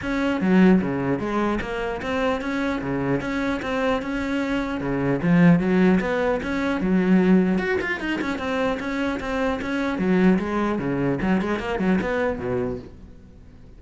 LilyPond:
\new Staff \with { instrumentName = "cello" } { \time 4/4 \tempo 4 = 150 cis'4 fis4 cis4 gis4 | ais4 c'4 cis'4 cis4 | cis'4 c'4 cis'2 | cis4 f4 fis4 b4 |
cis'4 fis2 fis'8 f'8 | dis'8 cis'8 c'4 cis'4 c'4 | cis'4 fis4 gis4 cis4 | fis8 gis8 ais8 fis8 b4 b,4 | }